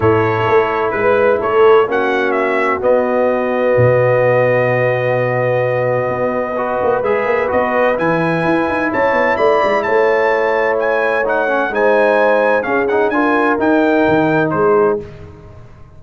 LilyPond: <<
  \new Staff \with { instrumentName = "trumpet" } { \time 4/4 \tempo 4 = 128 cis''2 b'4 cis''4 | fis''4 e''4 dis''2~ | dis''1~ | dis''2. e''4 |
dis''4 gis''2 a''4 | b''4 a''2 gis''4 | fis''4 gis''2 f''8 fis''8 | gis''4 g''2 c''4 | }
  \new Staff \with { instrumentName = "horn" } { \time 4/4 a'2 b'4 a'4 | fis'1~ | fis'1~ | fis'2 b'2~ |
b'2. cis''4 | d''4 cis''2.~ | cis''4 c''2 gis'4 | ais'2. gis'4 | }
  \new Staff \with { instrumentName = "trombone" } { \time 4/4 e'1 | cis'2 b2~ | b1~ | b2 fis'4 gis'4 |
fis'4 e'2.~ | e'1 | dis'8 cis'8 dis'2 cis'8 dis'8 | f'4 dis'2. | }
  \new Staff \with { instrumentName = "tuba" } { \time 4/4 a,4 a4 gis4 a4 | ais2 b2 | b,1~ | b,4 b4. ais8 gis8 ais8 |
b4 e4 e'8 dis'8 cis'8 b8 | a8 gis8 a2.~ | a4 gis2 cis'4 | d'4 dis'4 dis4 gis4 | }
>>